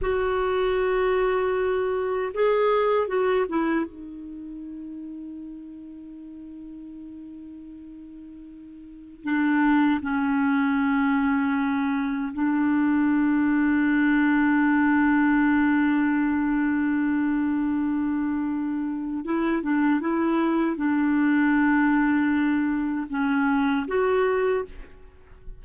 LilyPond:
\new Staff \with { instrumentName = "clarinet" } { \time 4/4 \tempo 4 = 78 fis'2. gis'4 | fis'8 e'8 dis'2.~ | dis'1 | d'4 cis'2. |
d'1~ | d'1~ | d'4 e'8 d'8 e'4 d'4~ | d'2 cis'4 fis'4 | }